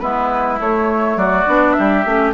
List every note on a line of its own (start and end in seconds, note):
0.00 0.60 G#3
0.00 0.58 B3
0.00 1.17 E4
0.00 0.58 B4
0.60 1.16 A3
0.60 1.47 A3
0.60 1.18 C#5
1.16 1.46 F#3
1.16 1.76 F#4
1.16 1.73 D5
1.47 1.76 B3
1.47 2.05 D4
1.73 2.34 G4
1.73 2.31 E5
1.79 2.05 G3
2.05 2.34 A3
2.05 2.34 C#4